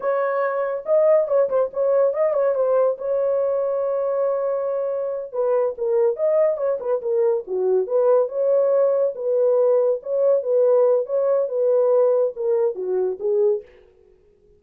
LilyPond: \new Staff \with { instrumentName = "horn" } { \time 4/4 \tempo 4 = 141 cis''2 dis''4 cis''8 c''8 | cis''4 dis''8 cis''8 c''4 cis''4~ | cis''1~ | cis''8 b'4 ais'4 dis''4 cis''8 |
b'8 ais'4 fis'4 b'4 cis''8~ | cis''4. b'2 cis''8~ | cis''8 b'4. cis''4 b'4~ | b'4 ais'4 fis'4 gis'4 | }